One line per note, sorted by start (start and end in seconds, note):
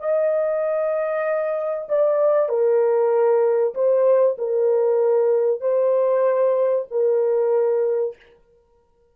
0.00 1.88 D#5
1.89 2.49 D5
2.49 3.74 A#4
3.74 4.37 C5
4.38 5.61 A#4
5.61 6.86 C5
6.91 8.16 A#4